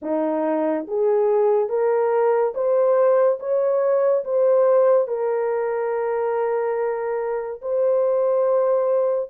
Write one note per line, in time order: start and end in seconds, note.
0.02 0.86 D#4
0.87 1.69 G#4
1.69 2.53 A#4
2.54 3.38 C5
3.39 4.24 C#5
4.24 5.07 C5
5.07 7.61 A#4
7.61 9.30 C5